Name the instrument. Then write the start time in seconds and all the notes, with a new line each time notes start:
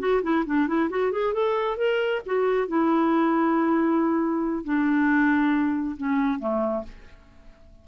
clarinet
0.00 F#4
0.23 E4
0.46 D4
0.68 E4
0.90 F#4
1.12 G#4
1.34 A4
1.78 A#4
2.26 F#4
2.68 E4
4.64 D4
5.98 C#4
6.40 A3